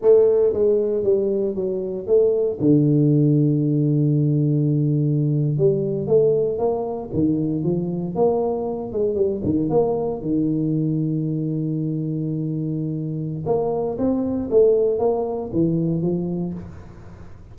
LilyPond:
\new Staff \with { instrumentName = "tuba" } { \time 4/4 \tempo 4 = 116 a4 gis4 g4 fis4 | a4 d2.~ | d2~ d8. g4 a16~ | a8. ais4 dis4 f4 ais16~ |
ais4~ ais16 gis8 g8 dis8 ais4 dis16~ | dis1~ | dis2 ais4 c'4 | a4 ais4 e4 f4 | }